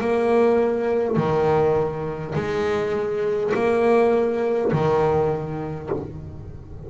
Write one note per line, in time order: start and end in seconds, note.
0.00 1.17 A#3
1.17 2.34 D#3
2.35 3.52 G#3
3.54 4.72 A#3
4.72 5.89 D#3